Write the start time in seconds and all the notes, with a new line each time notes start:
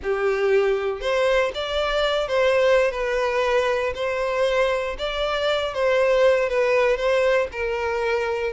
0.02 G4
1.00 C5
1.54 D5
2.27 C5
2.91 B4
3.95 C5
4.98 D5
5.74 C5
6.49 B4
6.97 C5
7.51 A#4